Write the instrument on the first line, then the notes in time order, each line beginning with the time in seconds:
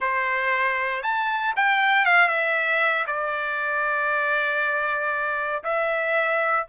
trumpet
0.00 C5
1.03 A5
1.56 G5
2.05 F5
2.28 E5
3.07 D5
5.63 E5